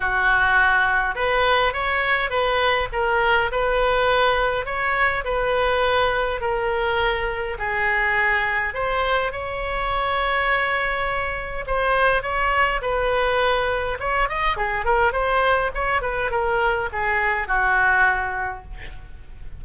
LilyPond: \new Staff \with { instrumentName = "oboe" } { \time 4/4 \tempo 4 = 103 fis'2 b'4 cis''4 | b'4 ais'4 b'2 | cis''4 b'2 ais'4~ | ais'4 gis'2 c''4 |
cis''1 | c''4 cis''4 b'2 | cis''8 dis''8 gis'8 ais'8 c''4 cis''8 b'8 | ais'4 gis'4 fis'2 | }